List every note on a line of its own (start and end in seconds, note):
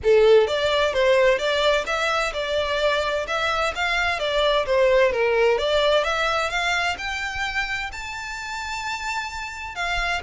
0.03 0.47 A4
0.47 0.93 D5
0.93 1.38 C5
1.38 1.85 D5
1.86 2.33 E5
2.33 3.26 D5
3.27 3.73 E5
3.75 4.19 F5
4.19 4.65 D5
4.66 5.11 C5
5.11 5.58 A#4
5.58 6.04 D5
6.04 6.49 E5
6.49 6.96 F5
6.97 7.90 G5
7.92 9.75 A5
9.75 10.21 F5